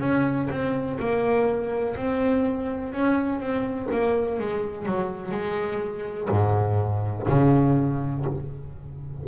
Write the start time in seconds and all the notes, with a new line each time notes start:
0.00 C#4
0.50 C4
0.99 A#3
1.96 C4
2.93 C#4
3.40 C4
3.91 A#3
4.39 G#3
4.86 F#3
5.31 G#3
6.30 G#2
7.29 C#3